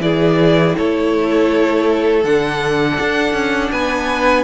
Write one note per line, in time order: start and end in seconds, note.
0.00 0.74 E3
0.00 2.23 E4
0.00 0.77 G#4
0.00 0.75 D5
0.77 2.24 A3
0.77 3.72 A4
0.77 2.25 C#5
2.24 2.98 D3
2.24 4.44 D4
2.24 3.72 F#5
3.00 3.33 D4
3.33 3.70 C#4
3.72 4.44 B3
3.72 4.44 B4
3.72 4.44 G#5